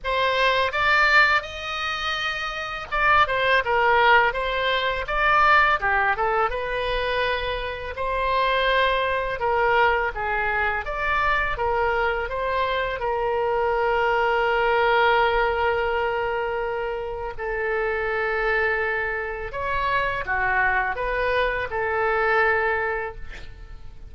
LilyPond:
\new Staff \with { instrumentName = "oboe" } { \time 4/4 \tempo 4 = 83 c''4 d''4 dis''2 | d''8 c''8 ais'4 c''4 d''4 | g'8 a'8 b'2 c''4~ | c''4 ais'4 gis'4 d''4 |
ais'4 c''4 ais'2~ | ais'1 | a'2. cis''4 | fis'4 b'4 a'2 | }